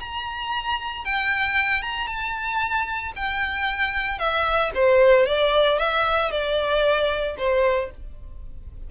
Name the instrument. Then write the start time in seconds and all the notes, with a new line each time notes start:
violin
0.00 A#5
1.05 G5
1.82 A#5
2.07 A5
3.16 G5
4.19 E5
4.75 C5
5.27 D5
5.79 E5
6.31 D5
7.38 C5